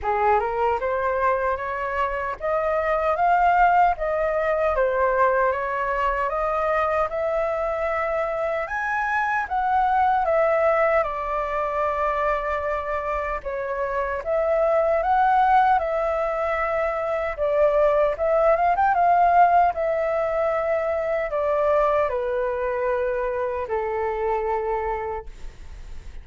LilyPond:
\new Staff \with { instrumentName = "flute" } { \time 4/4 \tempo 4 = 76 gis'8 ais'8 c''4 cis''4 dis''4 | f''4 dis''4 c''4 cis''4 | dis''4 e''2 gis''4 | fis''4 e''4 d''2~ |
d''4 cis''4 e''4 fis''4 | e''2 d''4 e''8 f''16 g''16 | f''4 e''2 d''4 | b'2 a'2 | }